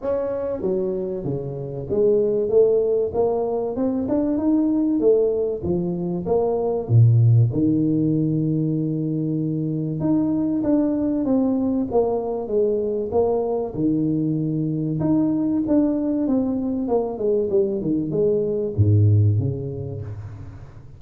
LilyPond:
\new Staff \with { instrumentName = "tuba" } { \time 4/4 \tempo 4 = 96 cis'4 fis4 cis4 gis4 | a4 ais4 c'8 d'8 dis'4 | a4 f4 ais4 ais,4 | dis1 |
dis'4 d'4 c'4 ais4 | gis4 ais4 dis2 | dis'4 d'4 c'4 ais8 gis8 | g8 dis8 gis4 gis,4 cis4 | }